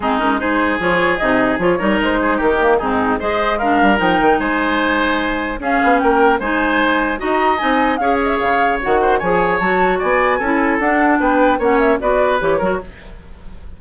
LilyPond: <<
  \new Staff \with { instrumentName = "flute" } { \time 4/4 \tempo 4 = 150 gis'8 ais'8 c''4 cis''4 dis''4 | cis''4 c''4 ais'4 gis'4 | dis''4 f''4 g''4 gis''4~ | gis''2 f''4 g''4 |
gis''2 ais''4 gis''4 | f''8 dis''16 e''16 f''4 fis''4 gis''4 | a''4 gis''2 fis''4 | g''4 fis''8 e''8 d''4 cis''4 | }
  \new Staff \with { instrumentName = "oboe" } { \time 4/4 dis'4 gis'2.~ | gis'8 ais'4 gis'8 g'4 dis'4 | c''4 ais'2 c''4~ | c''2 gis'4 ais'4 |
c''2 dis''2 | cis''2~ cis''8 c''8 cis''4~ | cis''4 d''4 a'2 | b'4 cis''4 b'4. ais'8 | }
  \new Staff \with { instrumentName = "clarinet" } { \time 4/4 c'8 cis'8 dis'4 f'4 dis'4 | f'8 dis'2 ais8 c'4 | gis'4 d'4 dis'2~ | dis'2 cis'2 |
dis'2 fis'4 dis'4 | gis'2 fis'4 gis'4 | fis'2 e'4 d'4~ | d'4 cis'4 fis'4 g'8 fis'8 | }
  \new Staff \with { instrumentName = "bassoon" } { \time 4/4 gis2 f4 c4 | f8 g8 gis4 dis4 gis,4 | gis4. g8 f8 dis8 gis4~ | gis2 cis'8 b8 ais4 |
gis2 dis'4 c'4 | cis'4 cis4 dis4 f4 | fis4 b4 cis'4 d'4 | b4 ais4 b4 e8 fis8 | }
>>